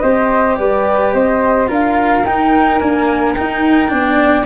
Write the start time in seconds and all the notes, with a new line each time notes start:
0.00 C4 G4 C5 D#5
0.57 G3 B4 D5
1.13 C4 C5 D#5
1.67 D4 F4 A#4 F5
2.25 D#4 G5
2.78 A#3 D4 G#5
3.35 D#4 G5
3.88 B3 D4 D5